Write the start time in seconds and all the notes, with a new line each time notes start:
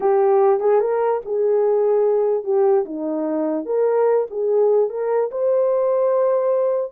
0.00 G4
0.59 G#4
0.80 A#4
1.25 G#4
2.44 G4
2.85 D#4
3.65 A#4
4.30 G#4
4.89 A#4
5.31 C5